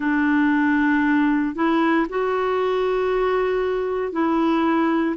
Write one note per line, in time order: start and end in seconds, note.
0.00 1.55 D4
1.55 2.06 E4
2.09 4.12 F#4
4.12 5.15 E4